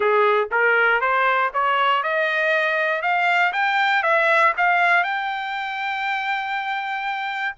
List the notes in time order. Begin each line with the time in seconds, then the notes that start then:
0.00 G#4
0.51 A#4
1.00 C5
1.53 C#5
2.03 D#5
3.02 F5
3.52 G5
4.02 E5
4.57 F5
5.03 G5